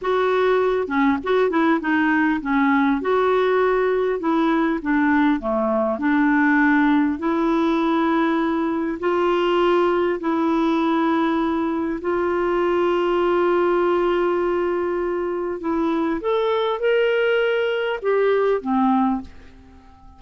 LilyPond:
\new Staff \with { instrumentName = "clarinet" } { \time 4/4 \tempo 4 = 100 fis'4. cis'8 fis'8 e'8 dis'4 | cis'4 fis'2 e'4 | d'4 a4 d'2 | e'2. f'4~ |
f'4 e'2. | f'1~ | f'2 e'4 a'4 | ais'2 g'4 c'4 | }